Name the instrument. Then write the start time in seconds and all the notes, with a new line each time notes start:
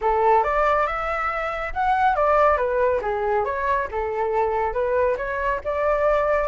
flute
0.01 A4
0.43 D5
0.86 E5
1.73 F#5
2.15 D5
2.57 B4
3.01 G#4
3.44 C#5
3.91 A4
4.73 B4
5.17 C#5
5.64 D5